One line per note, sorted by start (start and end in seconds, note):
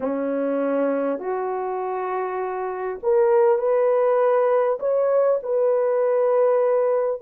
0.00 1.19 C#4
1.19 2.99 F#4
3.02 3.58 A#4
3.58 4.78 B4
4.79 5.39 C#5
5.43 7.21 B4